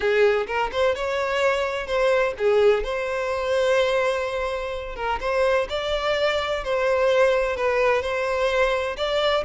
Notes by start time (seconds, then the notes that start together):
0.00 G#4
0.46 A#4
0.72 C5
0.95 C#5
1.86 C5
2.38 G#4
2.83 C5
4.95 A#4
5.20 C5
5.69 D5
6.64 C5
7.56 B4
8.02 C5
8.96 D5